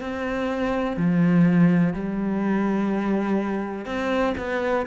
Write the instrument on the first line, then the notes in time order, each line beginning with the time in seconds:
cello
0.00 C4
0.96 F3
1.93 G3
3.85 C4
4.37 B3